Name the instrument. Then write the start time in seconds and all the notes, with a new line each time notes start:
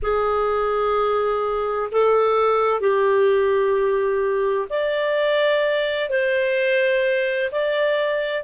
clarinet
0.02 G#4
1.91 A4
2.80 G4
4.69 D5
6.09 C5
7.51 D5